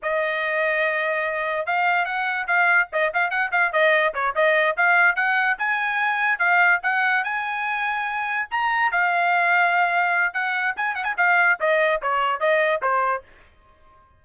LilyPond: \new Staff \with { instrumentName = "trumpet" } { \time 4/4 \tempo 4 = 145 dis''1 | f''4 fis''4 f''4 dis''8 f''8 | fis''8 f''8 dis''4 cis''8 dis''4 f''8~ | f''8 fis''4 gis''2 f''8~ |
f''8 fis''4 gis''2~ gis''8~ | gis''8 ais''4 f''2~ f''8~ | f''4 fis''4 gis''8 fis''16 gis''16 f''4 | dis''4 cis''4 dis''4 c''4 | }